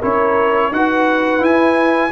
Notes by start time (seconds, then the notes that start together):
0.00 C#4 E4 A#4 C#5
0.72 D#4 F#4 B4 F#5
1.40 E4 G#5